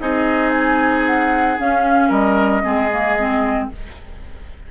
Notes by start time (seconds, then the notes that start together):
0.00 C4 D#4 G#4 D#5
0.50 G#5
1.06 F#5
1.59 C#4 F5
2.09 G3 A#4 D#5
2.63 G#3 C4 G#4
2.92 A#3
3.19 C4